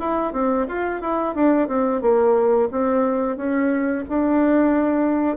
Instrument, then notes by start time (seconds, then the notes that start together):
bassoon
0.00 E4
0.33 C4
0.68 F4
1.02 E4
1.35 D4
1.68 C4
2.02 A#3
2.72 C4
3.37 C#4
4.09 D4